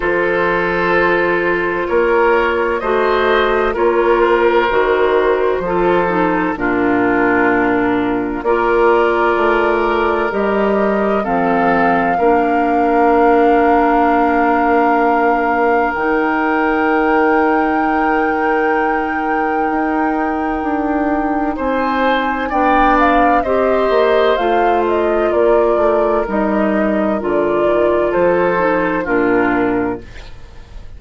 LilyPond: <<
  \new Staff \with { instrumentName = "flute" } { \time 4/4 \tempo 4 = 64 c''2 cis''4 dis''4 | cis''8 c''2~ c''8 ais'4~ | ais'4 d''2 dis''4 | f''1~ |
f''4 g''2.~ | g''2. gis''4 | g''8 f''8 dis''4 f''8 dis''8 d''4 | dis''4 d''4 c''4 ais'4 | }
  \new Staff \with { instrumentName = "oboe" } { \time 4/4 a'2 ais'4 c''4 | ais'2 a'4 f'4~ | f'4 ais'2. | a'4 ais'2.~ |
ais'1~ | ais'2. c''4 | d''4 c''2 ais'4~ | ais'2 a'4 f'4 | }
  \new Staff \with { instrumentName = "clarinet" } { \time 4/4 f'2. fis'4 | f'4 fis'4 f'8 dis'8 d'4~ | d'4 f'2 g'4 | c'4 d'2.~ |
d'4 dis'2.~ | dis'1 | d'4 g'4 f'2 | dis'4 f'4. dis'8 d'4 | }
  \new Staff \with { instrumentName = "bassoon" } { \time 4/4 f2 ais4 a4 | ais4 dis4 f4 ais,4~ | ais,4 ais4 a4 g4 | f4 ais2.~ |
ais4 dis2.~ | dis4 dis'4 d'4 c'4 | b4 c'8 ais8 a4 ais8 a8 | g4 d8 dis8 f4 ais,4 | }
>>